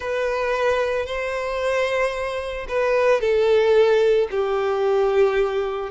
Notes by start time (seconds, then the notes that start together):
0.00 B4
1.06 C5
2.68 B4
3.20 A4
4.30 G4